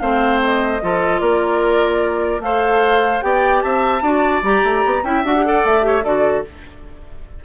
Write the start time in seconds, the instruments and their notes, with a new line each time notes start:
0.00 bassoon A3, clarinet C4, oboe C5, flute F5
0.44 flute D#5
0.82 bassoon F3, clarinet F4, oboe A4
1.20 bassoon A#3, oboe A#4, flute D5
2.40 bassoon A3, clarinet A4, oboe C5, flute F5
3.22 bassoon B3, clarinet G4, oboe D5, flute G5
3.62 bassoon C4, oboe E5, flute A5
4.02 bassoon D4, clarinet F#4, oboe D5
4.43 bassoon G3, clarinet G4, flute A#5
4.64 bassoon A3
4.85 bassoon B3
5.04 bassoon C#4, clarinet E4, oboe E5, flute G5
5.24 bassoon D4, clarinet F#4, flute F#5
5.36 clarinet G4
5.45 clarinet A4, oboe D5
5.65 bassoon A3, flute E5
5.82 clarinet G4, oboe C#5
6.04 bassoon D3, clarinet F#4, oboe A4, flute D5